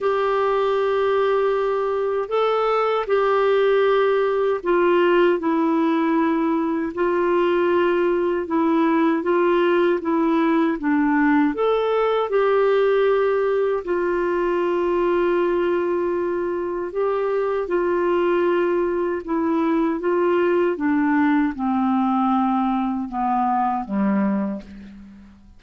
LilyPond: \new Staff \with { instrumentName = "clarinet" } { \time 4/4 \tempo 4 = 78 g'2. a'4 | g'2 f'4 e'4~ | e'4 f'2 e'4 | f'4 e'4 d'4 a'4 |
g'2 f'2~ | f'2 g'4 f'4~ | f'4 e'4 f'4 d'4 | c'2 b4 g4 | }